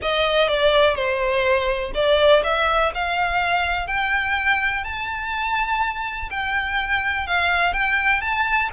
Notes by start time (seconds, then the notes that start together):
0.02 D#5
0.48 D5
0.95 C5
1.94 D5
2.43 E5
2.94 F5
3.87 G5
4.84 A5
6.30 G5
7.26 F5
7.73 G5
8.21 A5